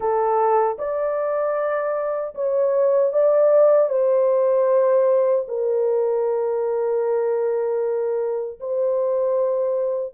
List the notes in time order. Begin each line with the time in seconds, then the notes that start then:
0.00 A4
0.78 D5
2.34 C#5
3.12 D5
3.89 C5
5.48 A#4
8.60 C5